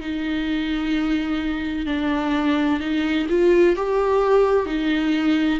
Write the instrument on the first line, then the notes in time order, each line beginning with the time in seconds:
viola
0.00 D#4
1.86 D4
2.80 D#4
3.29 F4
3.76 G4
4.66 D#4